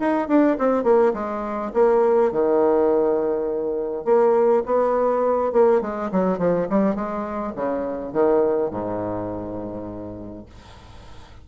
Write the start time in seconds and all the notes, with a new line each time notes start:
0.00 D#4
0.29 D4
0.59 C4
0.84 A#3
1.14 G#3
1.74 A#3
2.33 D#3
4.05 A#3
4.66 B3
5.53 A#3
5.82 G#3
6.12 F#3
6.39 F3
6.70 G3
6.96 G#3
7.56 C#3
8.13 D#3
8.71 G#2